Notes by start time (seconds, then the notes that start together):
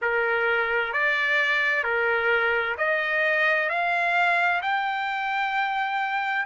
0.01 A#4
0.92 D5
1.83 A#4
2.77 D#5
3.69 F5
4.62 G5